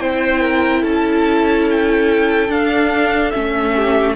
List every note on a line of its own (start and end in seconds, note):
0.00 0.84 C4
0.00 2.49 E4
0.00 0.42 C5
0.00 0.84 G5
0.42 0.83 A#4
0.83 2.49 C#4
0.83 3.75 A4
0.83 1.68 A5
1.71 2.52 G5
2.49 3.32 D4
2.49 3.33 D4
2.49 3.31 F5
3.31 4.16 A3
3.31 4.16 C#4
3.31 4.14 E5
3.76 4.16 G4